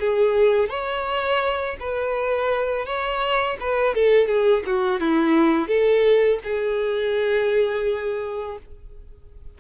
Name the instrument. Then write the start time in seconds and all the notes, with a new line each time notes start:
violin
0.00 G#4
0.70 C#5
1.80 B4
2.86 C#5
3.61 B4
3.95 A4
4.28 G#4
4.67 F#4
5.00 E4
5.68 A4
6.44 G#4